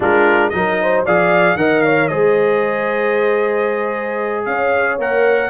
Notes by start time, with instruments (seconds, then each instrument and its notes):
0.00 tuba G#3, trombone D4, horn F4, trumpet A#4
0.49 tuba F#3, trombone D#4, trumpet D#5
0.56 horn A#4
0.82 horn C5
1.05 tuba F3, trombone G#4, horn D5, trumpet F5
1.55 tuba D#3, trombone A#4, horn D#5, trumpet F#5
1.81 horn C#5, trumpet F5
2.08 tuba G#3, trombone G#4, horn C5, trumpet D#5
4.45 tuba C#4, horn C#5, trumpet F5
4.98 tuba A#3, trombone A#4, trumpet F#5